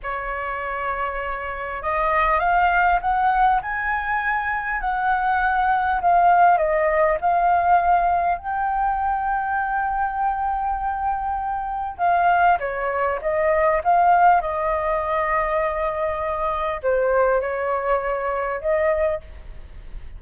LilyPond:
\new Staff \with { instrumentName = "flute" } { \time 4/4 \tempo 4 = 100 cis''2. dis''4 | f''4 fis''4 gis''2 | fis''2 f''4 dis''4 | f''2 g''2~ |
g''1 | f''4 cis''4 dis''4 f''4 | dis''1 | c''4 cis''2 dis''4 | }